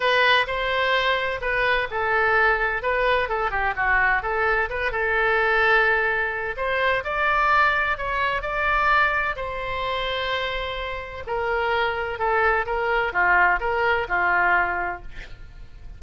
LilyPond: \new Staff \with { instrumentName = "oboe" } { \time 4/4 \tempo 4 = 128 b'4 c''2 b'4 | a'2 b'4 a'8 g'8 | fis'4 a'4 b'8 a'4.~ | a'2 c''4 d''4~ |
d''4 cis''4 d''2 | c''1 | ais'2 a'4 ais'4 | f'4 ais'4 f'2 | }